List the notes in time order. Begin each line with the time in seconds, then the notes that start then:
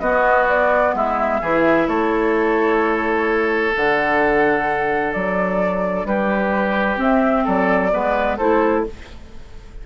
0.00 B3 F#4 D#5
0.49 D5
0.94 G#3 E4 E5
1.41 E3 E4 G#4
1.87 A3 A4 C#5
3.72 D3 D4 F#5
5.13 F#3 D5
6.04 G3 G4 B4
6.97 C4 E5
7.44 F#3 A4 D5
7.92 G#3 B3 B4
8.37 A3 E4 A4 C5